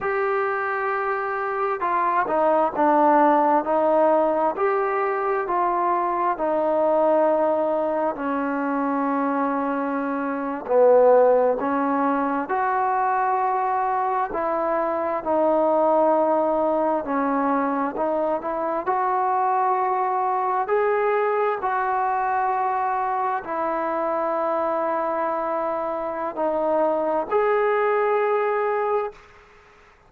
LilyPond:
\new Staff \with { instrumentName = "trombone" } { \time 4/4 \tempo 4 = 66 g'2 f'8 dis'8 d'4 | dis'4 g'4 f'4 dis'4~ | dis'4 cis'2~ cis'8. b16~ | b8. cis'4 fis'2 e'16~ |
e'8. dis'2 cis'4 dis'16~ | dis'16 e'8 fis'2 gis'4 fis'16~ | fis'4.~ fis'16 e'2~ e'16~ | e'4 dis'4 gis'2 | }